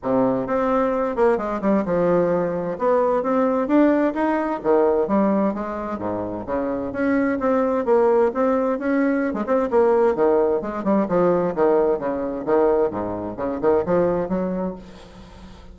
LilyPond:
\new Staff \with { instrumentName = "bassoon" } { \time 4/4 \tempo 4 = 130 c4 c'4. ais8 gis8 g8 | f2 b4 c'4 | d'4 dis'4 dis4 g4 | gis4 gis,4 cis4 cis'4 |
c'4 ais4 c'4 cis'4~ | cis'16 gis16 c'8 ais4 dis4 gis8 g8 | f4 dis4 cis4 dis4 | gis,4 cis8 dis8 f4 fis4 | }